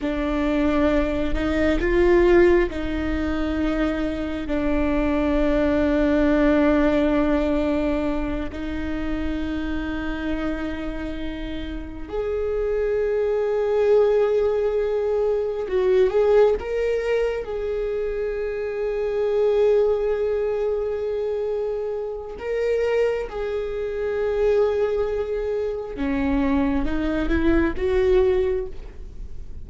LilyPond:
\new Staff \with { instrumentName = "viola" } { \time 4/4 \tempo 4 = 67 d'4. dis'8 f'4 dis'4~ | dis'4 d'2.~ | d'4. dis'2~ dis'8~ | dis'4. gis'2~ gis'8~ |
gis'4. fis'8 gis'8 ais'4 gis'8~ | gis'1~ | gis'4 ais'4 gis'2~ | gis'4 cis'4 dis'8 e'8 fis'4 | }